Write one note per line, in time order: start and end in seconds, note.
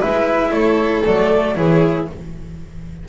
0.00 0.51 G#3
0.00 1.03 E4
0.00 0.51 B4
0.00 0.53 E5
0.51 1.02 A3
0.51 1.57 A4
0.51 1.04 C#5
1.06 1.57 F#3
1.06 1.55 A3
1.06 1.57 D5
1.55 2.09 E3
1.55 2.06 E4
1.55 2.09 G#4
1.55 2.08 C#5